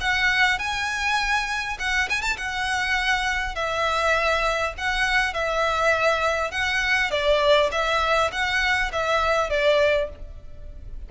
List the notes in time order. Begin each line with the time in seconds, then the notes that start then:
0.00 F#5
0.59 G#5
1.79 F#5
2.09 G#5
2.21 A5
2.37 F#5
3.55 E5
4.77 F#5
5.33 E5
6.51 F#5
7.10 D5
7.71 E5
8.32 F#5
8.92 E5
9.49 D5